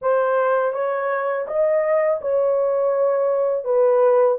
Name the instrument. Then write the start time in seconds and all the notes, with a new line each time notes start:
horn
0.01 C5
0.73 C#5
1.47 D#5
2.21 C#5
3.64 B4